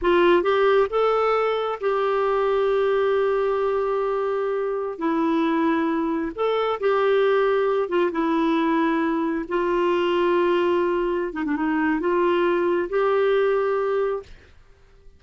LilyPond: \new Staff \with { instrumentName = "clarinet" } { \time 4/4 \tempo 4 = 135 f'4 g'4 a'2 | g'1~ | g'2.~ g'16 e'8.~ | e'2~ e'16 a'4 g'8.~ |
g'4.~ g'16 f'8 e'4.~ e'16~ | e'4~ e'16 f'2~ f'8.~ | f'4. dis'16 d'16 dis'4 f'4~ | f'4 g'2. | }